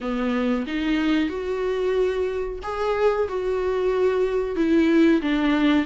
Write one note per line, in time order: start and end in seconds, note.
0.00 0.66 B3
0.67 1.29 D#4
1.29 2.59 F#4
2.62 3.28 G#4
3.28 4.55 F#4
4.55 5.21 E4
5.21 5.85 D4